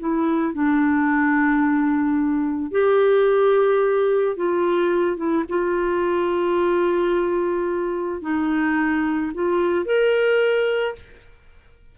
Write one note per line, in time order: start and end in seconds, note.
0.00 0.54 E4
0.54 2.71 D4
2.71 4.37 G4
4.37 5.17 F4
5.17 5.44 E4
5.49 8.22 F4
8.22 9.32 D#4
9.34 9.85 F4
9.85 10.95 A#4